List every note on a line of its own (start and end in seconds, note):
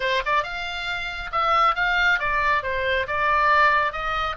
0.00 0.21 C5
0.25 0.43 D5
0.43 1.30 F5
1.32 1.75 E5
1.75 2.19 F5
2.19 2.62 D5
2.63 3.06 C5
3.07 3.92 D5
3.92 4.36 D#5